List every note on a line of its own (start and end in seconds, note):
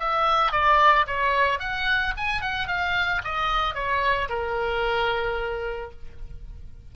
0.00 0.52 E5
0.52 1.06 D5
1.07 1.60 C#5
1.60 2.14 F#5
2.17 2.42 G#5
2.42 2.68 F#5
2.68 3.22 F5
3.24 3.75 D#5
3.75 4.29 C#5
4.29 5.91 A#4